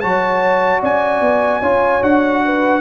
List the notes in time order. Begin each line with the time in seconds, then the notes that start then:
0.00 F#3 F#4 C#5 A5
0.81 C#4 D5 G#5
1.21 B3
1.60 C#4 F4 C#5
2.02 D4 F#4 F#5
2.45 B4